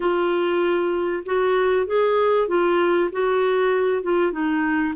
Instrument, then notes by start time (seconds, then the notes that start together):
clarinet
0.00 F4
1.25 F#4
1.86 G#4
2.48 F4
3.12 F#4
4.02 F4
4.32 D#4